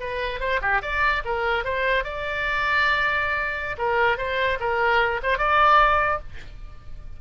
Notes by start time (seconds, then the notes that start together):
0.00 B4
0.40 C5
0.61 G4
0.82 D5
1.25 A#4
1.65 C5
2.04 D5
3.78 A#4
4.18 C5
4.60 A#4
5.23 C5
5.38 D5